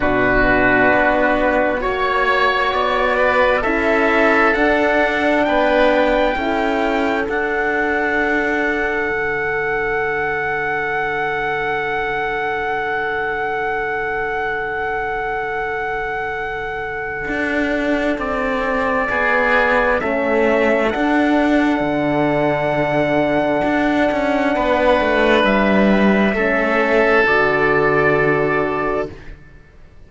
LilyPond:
<<
  \new Staff \with { instrumentName = "trumpet" } { \time 4/4 \tempo 4 = 66 b'2 cis''4 d''4 | e''4 fis''4 g''2 | fis''1~ | fis''1~ |
fis''1 | d''2 e''4 fis''4~ | fis''1 | e''2 d''2 | }
  \new Staff \with { instrumentName = "oboe" } { \time 4/4 fis'2 cis''4. b'8 | a'2 b'4 a'4~ | a'1~ | a'1~ |
a'1~ | a'4 gis'4 a'2~ | a'2. b'4~ | b'4 a'2. | }
  \new Staff \with { instrumentName = "horn" } { \time 4/4 d'2 fis'2 | e'4 d'2 e'4 | d'1~ | d'1~ |
d'1~ | d'2 cis'4 d'4~ | d'1~ | d'4 cis'4 fis'2 | }
  \new Staff \with { instrumentName = "cello" } { \time 4/4 b,4 b4 ais4 b4 | cis'4 d'4 b4 cis'4 | d'2 d2~ | d1~ |
d2. d'4 | c'4 b4 a4 d'4 | d2 d'8 cis'8 b8 a8 | g4 a4 d2 | }
>>